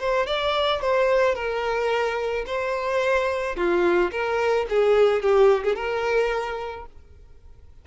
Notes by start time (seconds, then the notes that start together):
0.00 C5
0.27 D5
0.82 C5
1.35 A#4
2.47 C5
3.57 F4
4.12 A#4
4.70 G#4
5.23 G4
5.64 G#4
5.76 A#4